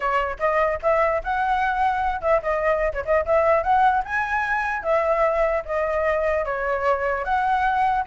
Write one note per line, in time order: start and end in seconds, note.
0.00 0.37 C#5
0.39 0.79 D#5
0.82 1.22 E5
1.23 2.21 F#5
2.21 2.41 E5
2.42 2.92 D#5
2.93 3.03 C#5
3.05 3.25 D#5
3.25 3.63 E5
3.63 4.03 F#5
4.04 4.82 G#5
4.82 5.63 E5
5.65 6.45 D#5
6.45 7.24 C#5
7.24 8.04 F#5